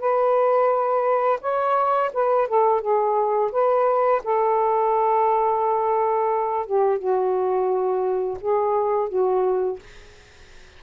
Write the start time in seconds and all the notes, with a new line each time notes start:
0.00 B4
1.41 C#5
2.14 B4
2.48 A4
2.81 G#4
3.52 B4
4.24 A4
6.67 G4
6.99 F#4
8.41 G#4
9.10 F#4